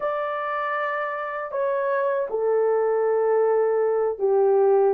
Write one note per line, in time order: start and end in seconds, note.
0.00 1.51 D5
1.51 2.27 C#5
2.30 4.18 A4
4.18 4.94 G4